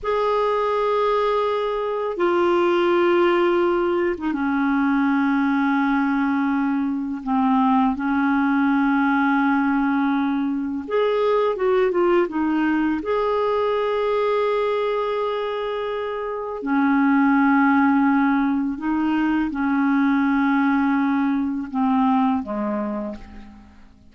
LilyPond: \new Staff \with { instrumentName = "clarinet" } { \time 4/4 \tempo 4 = 83 gis'2. f'4~ | f'4.~ f'16 dis'16 cis'2~ | cis'2 c'4 cis'4~ | cis'2. gis'4 |
fis'8 f'8 dis'4 gis'2~ | gis'2. cis'4~ | cis'2 dis'4 cis'4~ | cis'2 c'4 gis4 | }